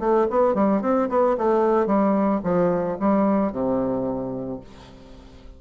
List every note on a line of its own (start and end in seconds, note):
0.00 0.27 A3
0.30 0.55 B3
0.55 0.82 G3
0.82 1.09 C4
1.10 1.37 B3
1.38 1.87 A3
1.87 2.41 G3
2.44 2.98 F3
3.00 3.52 G3
3.52 4.60 C3